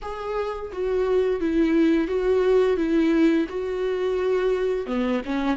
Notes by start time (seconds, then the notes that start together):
0.02 G#4
0.72 F#4
1.40 E4
2.07 F#4
2.77 E4
3.49 F#4
4.86 B3
5.25 C#4